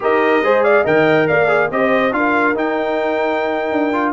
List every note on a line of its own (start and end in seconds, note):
0.00 0.42 D#4
0.00 0.42 G4
0.00 0.44 A#4
0.00 0.63 D#5
0.42 0.84 G#3
0.42 0.84 G#4
0.42 0.63 C5
0.63 0.82 D5
0.63 0.84 F5
0.82 1.28 D#3
0.82 1.47 A#4
0.82 1.25 D#5
0.82 1.27 G5
1.27 1.70 A#3
1.27 1.70 D5
1.27 1.70 F5
1.47 1.69 G#4
1.70 2.12 C4
1.70 2.11 G4
1.70 2.15 C5
1.70 2.13 D#5
2.11 2.54 D4
2.11 2.54 F4
2.11 4.12 A#4
2.11 2.55 F5
2.54 3.92 D#4
2.54 3.71 D#4
2.54 4.12 G5
3.71 4.12 D4
3.92 4.12 F4